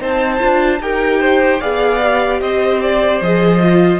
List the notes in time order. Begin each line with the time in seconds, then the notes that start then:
0.00 C4 D#4 C5 A5
0.39 D4 F4
0.80 D#4 G4 A#4 G5
1.21 C5
1.61 B3 G#4 D5 F5
2.03 G4
2.41 C4 C5 D#5
2.82 D5
3.21 F3 G#4 D#5
3.60 F4